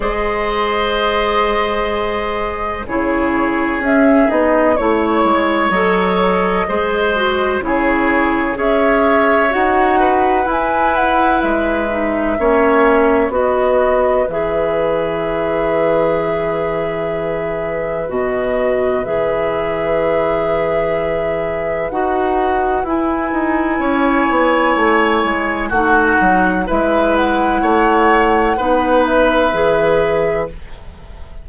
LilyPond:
<<
  \new Staff \with { instrumentName = "flute" } { \time 4/4 \tempo 4 = 63 dis''2. cis''4 | e''8 dis''8 cis''4 dis''2 | cis''4 e''4 fis''4 gis''8 fis''8 | e''2 dis''4 e''4~ |
e''2. dis''4 | e''2. fis''4 | gis''2. fis''4 | e''8 fis''2 e''4. | }
  \new Staff \with { instrumentName = "oboe" } { \time 4/4 c''2. gis'4~ | gis'4 cis''2 c''4 | gis'4 cis''4. b'4.~ | b'4 cis''4 b'2~ |
b'1~ | b'1~ | b'4 cis''2 fis'4 | b'4 cis''4 b'2 | }
  \new Staff \with { instrumentName = "clarinet" } { \time 4/4 gis'2. e'4 | cis'8 dis'8 e'4 a'4 gis'8 fis'8 | e'4 gis'4 fis'4 e'4~ | e'8 dis'8 cis'4 fis'4 gis'4~ |
gis'2. fis'4 | gis'2. fis'4 | e'2. dis'4 | e'2 dis'4 gis'4 | }
  \new Staff \with { instrumentName = "bassoon" } { \time 4/4 gis2. cis4 | cis'8 b8 a8 gis8 fis4 gis4 | cis4 cis'4 dis'4 e'4 | gis4 ais4 b4 e4~ |
e2. b,4 | e2. dis'4 | e'8 dis'8 cis'8 b8 a8 gis8 a8 fis8 | gis4 a4 b4 e4 | }
>>